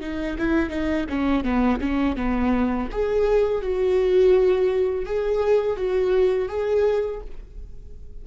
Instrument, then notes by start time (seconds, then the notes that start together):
viola
0.00 D#4
0.38 E4
0.69 D#4
1.09 C#4
1.44 B3
1.80 C#4
2.16 B3
2.91 G#4
3.61 F#4
5.05 G#4
5.76 F#4
6.48 G#4